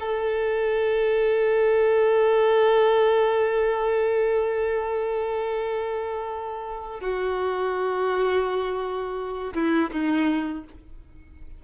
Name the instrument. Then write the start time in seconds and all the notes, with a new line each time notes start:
violin
0.00 A4
7.00 F#4
9.54 E4
9.91 D#4